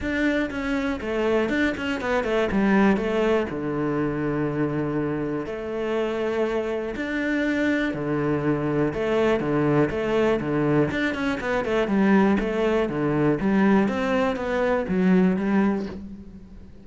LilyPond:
\new Staff \with { instrumentName = "cello" } { \time 4/4 \tempo 4 = 121 d'4 cis'4 a4 d'8 cis'8 | b8 a8 g4 a4 d4~ | d2. a4~ | a2 d'2 |
d2 a4 d4 | a4 d4 d'8 cis'8 b8 a8 | g4 a4 d4 g4 | c'4 b4 fis4 g4 | }